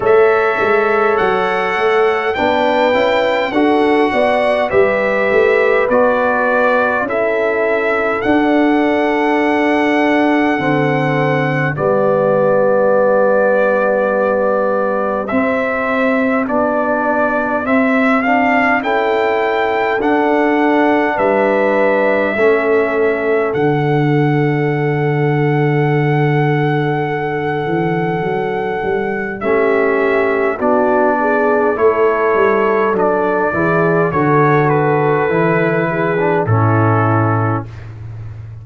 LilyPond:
<<
  \new Staff \with { instrumentName = "trumpet" } { \time 4/4 \tempo 4 = 51 e''4 fis''4 g''4 fis''4 | e''4 d''4 e''4 fis''4~ | fis''2 d''2~ | d''4 e''4 d''4 e''8 f''8 |
g''4 fis''4 e''2 | fis''1~ | fis''4 e''4 d''4 cis''4 | d''4 cis''8 b'4. a'4 | }
  \new Staff \with { instrumentName = "horn" } { \time 4/4 cis''2 b'4 a'8 d''8 | b'2 a'2~ | a'2 g'2~ | g'1 |
a'2 b'4 a'4~ | a'1~ | a'4 g'4 fis'8 gis'8 a'4~ | a'8 gis'8 a'4. gis'8 e'4 | }
  \new Staff \with { instrumentName = "trombone" } { \time 4/4 a'2 d'8 e'8 fis'4 | g'4 fis'4 e'4 d'4~ | d'4 c'4 b2~ | b4 c'4 d'4 c'8 d'8 |
e'4 d'2 cis'4 | d'1~ | d'4 cis'4 d'4 e'4 | d'8 e'8 fis'4 e'8. d'16 cis'4 | }
  \new Staff \with { instrumentName = "tuba" } { \time 4/4 a8 gis8 fis8 a8 b8 cis'8 d'8 b8 | g8 a8 b4 cis'4 d'4~ | d'4 d4 g2~ | g4 c'4 b4 c'4 |
cis'4 d'4 g4 a4 | d2.~ d8 e8 | fis8 g8 a4 b4 a8 g8 | fis8 e8 d4 e4 a,4 | }
>>